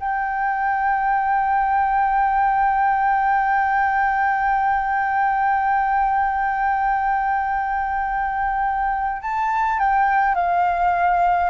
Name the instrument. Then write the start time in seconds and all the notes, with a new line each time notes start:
flute
0.00 G5
9.23 A5
9.80 G5
10.35 F5